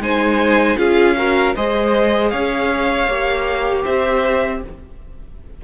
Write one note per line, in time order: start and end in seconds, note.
0.00 0.77 G#3
0.00 0.78 D#4
0.00 0.78 C5
0.00 0.79 G#5
0.78 1.56 C#4
0.78 1.16 F4
0.78 1.17 G#4
0.78 1.55 F5
1.17 1.56 F#4
1.17 1.56 A#4
1.56 2.33 G#3
1.56 3.10 G#4
1.56 2.32 C5
1.56 2.30 D#5
2.30 3.08 C#4
2.30 3.85 C#5
2.30 3.84 F5
3.08 3.85 A#3
3.08 4.64 G4
3.85 4.64 C4
3.85 4.62 C5
3.85 4.62 E5